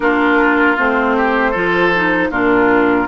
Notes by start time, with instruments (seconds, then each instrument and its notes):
0.00 bassoon A#3, clarinet D4, oboe F4, flute A#4
0.77 bassoon A3, clarinet C4, flute C5
1.16 oboe G4
1.51 bassoon F3, clarinet F4, oboe A4
1.95 clarinet D#4
2.30 bassoon A#2, clarinet D4, oboe F4, flute A#4